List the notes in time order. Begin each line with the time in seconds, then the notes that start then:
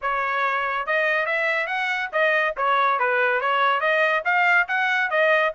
0.01 C#5
0.86 D#5
1.26 E5
1.66 F#5
2.12 D#5
2.56 C#5
2.99 B4
3.40 C#5
3.80 D#5
4.24 F5
4.68 F#5
5.10 D#5